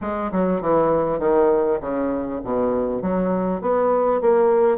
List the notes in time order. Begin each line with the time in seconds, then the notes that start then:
0.01 G#3
0.32 F#3
0.61 E3
1.19 D#3
1.80 C#3
2.44 B2
3.02 F#3
3.61 B3
4.21 A#3